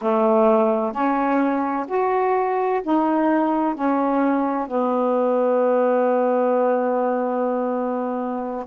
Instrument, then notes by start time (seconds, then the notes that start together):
saxophone
0.01 A3
0.92 C#4
1.87 F#4
2.83 D#4
3.74 C#4
4.67 B3